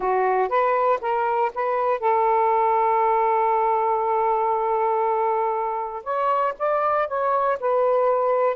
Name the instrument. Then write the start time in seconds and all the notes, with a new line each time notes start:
saxophone
0.00 F#4
0.48 B4
1.01 A#4
1.54 B4
1.99 A4
6.03 C#5
6.58 D5
7.07 C#5
7.60 B4